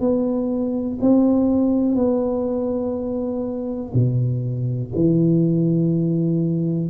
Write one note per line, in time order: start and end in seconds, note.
0.00 0.98 B3
1.01 1.95 C4
1.95 3.92 B3
3.93 4.92 B2
4.95 6.89 E3